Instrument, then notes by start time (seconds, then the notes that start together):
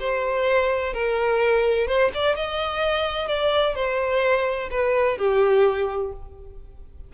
violin
0.00 C5
0.94 A#4
1.88 C5
2.14 D5
2.36 D#5
3.28 D5
3.75 C5
4.71 B4
5.18 G4